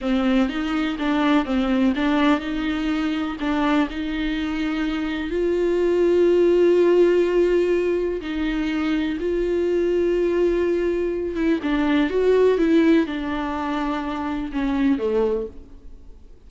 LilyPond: \new Staff \with { instrumentName = "viola" } { \time 4/4 \tempo 4 = 124 c'4 dis'4 d'4 c'4 | d'4 dis'2 d'4 | dis'2. f'4~ | f'1~ |
f'4 dis'2 f'4~ | f'2.~ f'8 e'8 | d'4 fis'4 e'4 d'4~ | d'2 cis'4 a4 | }